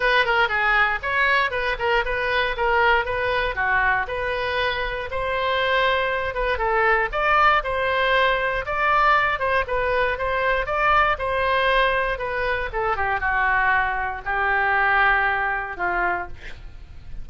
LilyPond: \new Staff \with { instrumentName = "oboe" } { \time 4/4 \tempo 4 = 118 b'8 ais'8 gis'4 cis''4 b'8 ais'8 | b'4 ais'4 b'4 fis'4 | b'2 c''2~ | c''8 b'8 a'4 d''4 c''4~ |
c''4 d''4. c''8 b'4 | c''4 d''4 c''2 | b'4 a'8 g'8 fis'2 | g'2. f'4 | }